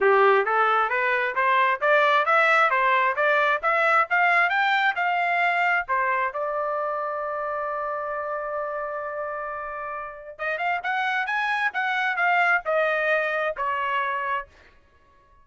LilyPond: \new Staff \with { instrumentName = "trumpet" } { \time 4/4 \tempo 4 = 133 g'4 a'4 b'4 c''4 | d''4 e''4 c''4 d''4 | e''4 f''4 g''4 f''4~ | f''4 c''4 d''2~ |
d''1~ | d''2. dis''8 f''8 | fis''4 gis''4 fis''4 f''4 | dis''2 cis''2 | }